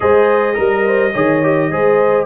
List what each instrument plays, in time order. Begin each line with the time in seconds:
0.00 tuba G#3, trombone G#4, horn C5, trumpet D#5
0.53 tuba G3, trombone A#4, horn A#4
0.84 horn C5
1.12 tuba D#3, trombone G#4, horn C#5
1.42 trombone G4
1.71 tuba G#3, trombone G#4, horn C5